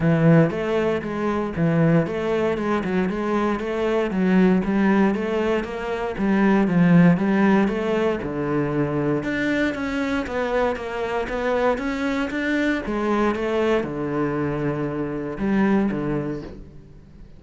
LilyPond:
\new Staff \with { instrumentName = "cello" } { \time 4/4 \tempo 4 = 117 e4 a4 gis4 e4 | a4 gis8 fis8 gis4 a4 | fis4 g4 a4 ais4 | g4 f4 g4 a4 |
d2 d'4 cis'4 | b4 ais4 b4 cis'4 | d'4 gis4 a4 d4~ | d2 g4 d4 | }